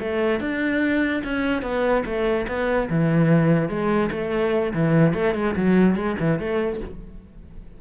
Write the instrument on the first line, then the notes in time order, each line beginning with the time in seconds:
cello
0.00 A3
0.41 D4
1.24 C#4
1.63 B3
2.06 A3
2.48 B3
2.90 E3
3.69 G#3
4.12 A3
4.74 E3
5.14 A3
5.35 G#3
5.56 F#3
5.96 G#3
6.20 E3
6.39 A3